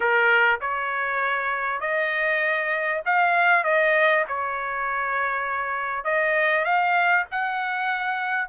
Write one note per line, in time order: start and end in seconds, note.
0.00 0.60 A#4
0.60 1.80 C#5
1.80 3.01 D#5
3.05 3.64 F5
3.64 4.24 D#5
4.28 6.04 C#5
6.04 6.64 D#5
6.64 7.25 F5
7.31 8.48 F#5